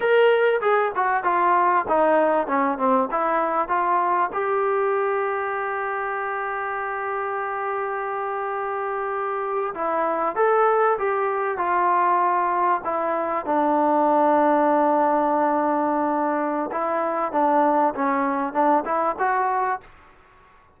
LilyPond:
\new Staff \with { instrumentName = "trombone" } { \time 4/4 \tempo 4 = 97 ais'4 gis'8 fis'8 f'4 dis'4 | cis'8 c'8 e'4 f'4 g'4~ | g'1~ | g'2.~ g'8. e'16~ |
e'8. a'4 g'4 f'4~ f'16~ | f'8. e'4 d'2~ d'16~ | d'2. e'4 | d'4 cis'4 d'8 e'8 fis'4 | }